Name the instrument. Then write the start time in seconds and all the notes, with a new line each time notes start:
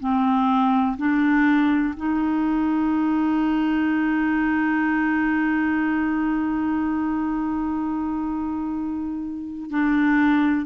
clarinet
0.00 C4
0.98 D4
1.97 D#4
9.70 D4